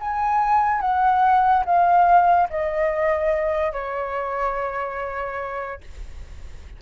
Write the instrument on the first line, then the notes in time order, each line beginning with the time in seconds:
flute
0.00 G#5
0.81 F#5
1.66 F5
2.50 D#5
3.73 C#5